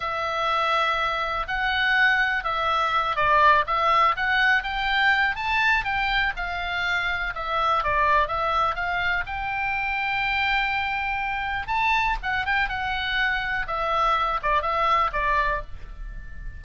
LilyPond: \new Staff \with { instrumentName = "oboe" } { \time 4/4 \tempo 4 = 123 e''2. fis''4~ | fis''4 e''4. d''4 e''8~ | e''8 fis''4 g''4. a''4 | g''4 f''2 e''4 |
d''4 e''4 f''4 g''4~ | g''1 | a''4 fis''8 g''8 fis''2 | e''4. d''8 e''4 d''4 | }